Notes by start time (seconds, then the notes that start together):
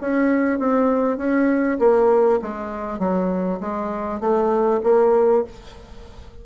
0.00 C#4
0.58 C4
1.17 C#4
1.79 A#3
2.42 G#3
2.99 F#3
3.60 G#3
4.20 A3
4.83 A#3